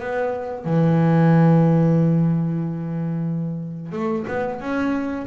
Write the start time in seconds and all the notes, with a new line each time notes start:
0.00 B3
0.65 E3
3.93 A3
4.28 B3
4.61 C#4